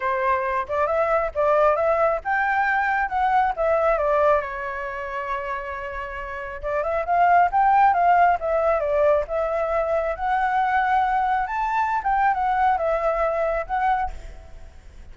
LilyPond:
\new Staff \with { instrumentName = "flute" } { \time 4/4 \tempo 4 = 136 c''4. d''8 e''4 d''4 | e''4 g''2 fis''4 | e''4 d''4 cis''2~ | cis''2. d''8 e''8 |
f''4 g''4 f''4 e''4 | d''4 e''2 fis''4~ | fis''2 a''4~ a''16 g''8. | fis''4 e''2 fis''4 | }